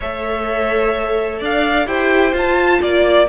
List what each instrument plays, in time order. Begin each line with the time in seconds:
0.00 cello A3, viola A4, violin C#5 E5
1.39 cello D4, violin D5 F5
1.85 cello E4, viola G4, violin C5 G5
2.32 cello F4, viola F4, violin A5
2.81 cello A#3, violin D5